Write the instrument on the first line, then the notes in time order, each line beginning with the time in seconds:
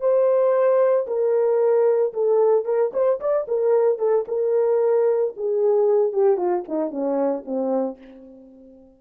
horn
0.00 C5
1.07 A#4
2.13 A4
2.65 A#4
2.93 C5
3.20 D5
3.48 A#4
3.98 A4
4.28 A#4
5.37 G#4
6.12 G4
6.37 F4
6.68 D#4
6.90 C#4
7.45 C4